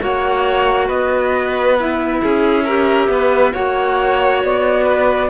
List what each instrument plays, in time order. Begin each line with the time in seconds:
0.00 cello A#3, clarinet F#4, violin C#5, flute F#5
0.87 cello B3, violin B4, flute D#5
1.80 clarinet E4, flute E5
2.23 cello C#4, violin G#4
2.65 clarinet G4, violin A#4
3.08 cello B3, violin B4
3.53 cello A#3, clarinet F#4, violin C#5, flute F#5
4.43 cello B3, flute D5
4.84 violin B4